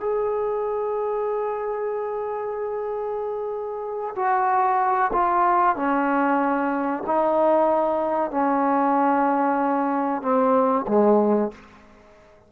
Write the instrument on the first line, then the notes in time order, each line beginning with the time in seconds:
trombone
0.00 G#4
4.15 F#4
5.13 F4
5.76 C#4
7.06 D#4
8.31 C#4
10.22 C4
10.88 G#3